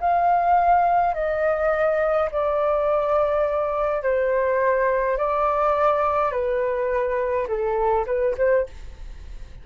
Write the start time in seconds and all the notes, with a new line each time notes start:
0.00 F5
1.14 D#5
2.31 D5
4.03 C5
5.18 D5
6.32 B4
7.48 A4
8.06 B4
8.38 C5